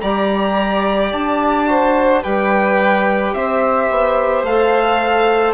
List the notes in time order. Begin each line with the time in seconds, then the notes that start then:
0.00 G3 G4 D5 A#5
1.12 D4 A5
1.67 F#4 C5
2.23 G3 G4 B4 G5
3.33 C4 C5 E5
3.90 B3
4.43 A3 A4 F5